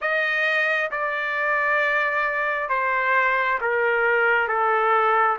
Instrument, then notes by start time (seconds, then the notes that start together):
trumpet
0.01 D#5
0.91 D5
2.69 C5
3.60 A#4
4.48 A4